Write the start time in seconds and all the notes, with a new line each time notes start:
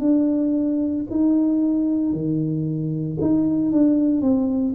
0.00 D4
1.11 D#4
2.13 D#3
3.22 D#4
3.72 D4
4.22 C4